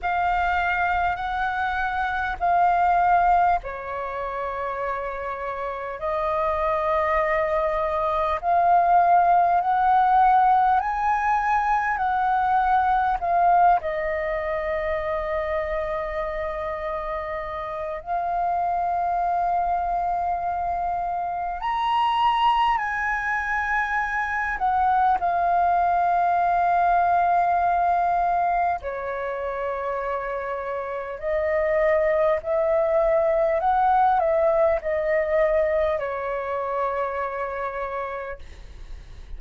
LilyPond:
\new Staff \with { instrumentName = "flute" } { \time 4/4 \tempo 4 = 50 f''4 fis''4 f''4 cis''4~ | cis''4 dis''2 f''4 | fis''4 gis''4 fis''4 f''8 dis''8~ | dis''2. f''4~ |
f''2 ais''4 gis''4~ | gis''8 fis''8 f''2. | cis''2 dis''4 e''4 | fis''8 e''8 dis''4 cis''2 | }